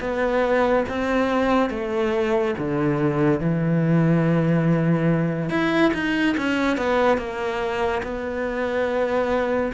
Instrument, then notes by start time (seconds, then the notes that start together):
cello
0.00 B3
0.89 C4
1.70 A3
2.58 D3
3.40 E3
5.50 E4
5.93 D#4
6.37 C#4
6.77 B3
7.18 A#3
8.03 B3